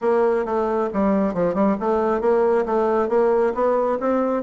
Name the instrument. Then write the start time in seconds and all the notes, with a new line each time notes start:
bassoon
0.01 A#3
0.45 A3
0.93 G3
1.34 F3
1.54 G3
1.79 A3
2.21 A#3
2.65 A3
3.09 A#3
3.54 B3
4.00 C4